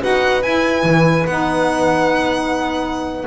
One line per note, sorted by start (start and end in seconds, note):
0.00 0.43 D#4
0.00 0.42 F#4
0.00 3.25 B4
0.00 0.42 F#5
0.42 0.83 E4
0.42 1.27 E4
0.42 1.26 G#5
0.83 1.25 E3
1.26 3.25 B3
1.26 3.26 D#4
1.26 3.25 F#5